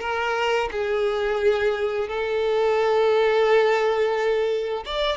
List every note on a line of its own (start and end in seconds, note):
0.00 0.69 A#4
0.71 2.08 G#4
2.08 4.84 A4
4.85 5.17 D5